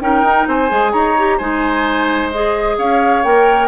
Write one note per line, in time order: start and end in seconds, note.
0.00 0.22 C#4
0.00 0.69 D#4
0.00 0.48 A#4
0.00 0.46 G5
0.22 0.45 D#4
0.47 0.70 C4
0.47 0.92 C5
0.47 0.93 G#5
0.69 0.93 G#3
0.69 1.15 G#4
0.92 1.39 D#4
0.92 1.37 C#5
0.92 1.38 A#5
1.18 1.40 G4
1.37 2.77 G#3
1.37 2.32 D#4
1.37 2.75 C5
1.37 2.30 G#5
2.31 3.23 G#4
2.31 2.77 D#5
2.77 3.24 C#4
2.77 3.68 C#5
2.77 3.23 F5
3.23 3.68 A#3
3.23 3.68 A#4
3.23 3.68 G5